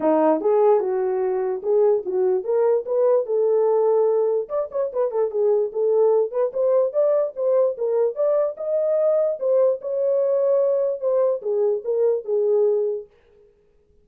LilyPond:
\new Staff \with { instrumentName = "horn" } { \time 4/4 \tempo 4 = 147 dis'4 gis'4 fis'2 | gis'4 fis'4 ais'4 b'4 | a'2. d''8 cis''8 | b'8 a'8 gis'4 a'4. b'8 |
c''4 d''4 c''4 ais'4 | d''4 dis''2 c''4 | cis''2. c''4 | gis'4 ais'4 gis'2 | }